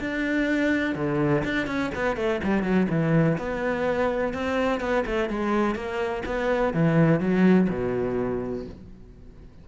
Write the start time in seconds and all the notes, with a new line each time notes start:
0.00 D4
0.95 D3
1.44 D4
1.67 C#4
1.95 B3
2.16 A3
2.43 G3
2.63 F#3
2.90 E3
3.38 B3
4.34 C4
4.80 B3
5.06 A3
5.30 G#3
5.75 A#3
6.26 B3
6.74 E3
7.20 F#3
7.70 B2